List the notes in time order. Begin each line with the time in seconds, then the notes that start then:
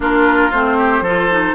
0.00 A#3 D4 F4 A#4
0.51 A3 C4 C5
0.77 G4
1.00 F3 F4 A4
1.31 D#4